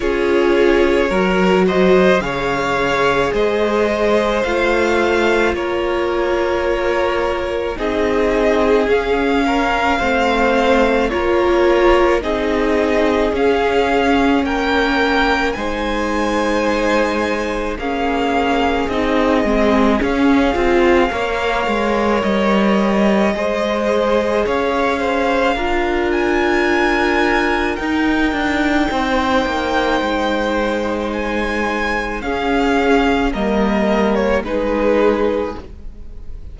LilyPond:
<<
  \new Staff \with { instrumentName = "violin" } { \time 4/4 \tempo 4 = 54 cis''4. dis''8 f''4 dis''4 | f''4 cis''2 dis''4 | f''2 cis''4 dis''4 | f''4 g''4 gis''2 |
f''4 dis''4 f''2 | dis''2 f''4. gis''8~ | gis''4 g''2. | gis''4 f''4 dis''8. cis''16 b'4 | }
  \new Staff \with { instrumentName = "violin" } { \time 4/4 gis'4 ais'8 c''8 cis''4 c''4~ | c''4 ais'2 gis'4~ | gis'8 ais'8 c''4 ais'4 gis'4~ | gis'4 ais'4 c''2 |
gis'2. cis''4~ | cis''4 c''4 cis''8 c''8 ais'4~ | ais'2 c''2~ | c''4 gis'4 ais'4 gis'4 | }
  \new Staff \with { instrumentName = "viola" } { \time 4/4 f'4 fis'4 gis'2 | f'2. dis'4 | cis'4 c'4 f'4 dis'4 | cis'2 dis'2 |
cis'4 dis'8 c'8 cis'8 f'8 ais'4~ | ais'4 gis'2 f'4~ | f'4 dis'2.~ | dis'4 cis'4 ais4 dis'4 | }
  \new Staff \with { instrumentName = "cello" } { \time 4/4 cis'4 fis4 cis4 gis4 | a4 ais2 c'4 | cis'4 a4 ais4 c'4 | cis'4 ais4 gis2 |
ais4 c'8 gis8 cis'8 c'8 ais8 gis8 | g4 gis4 cis'4 d'4~ | d'4 dis'8 d'8 c'8 ais8 gis4~ | gis4 cis'4 g4 gis4 | }
>>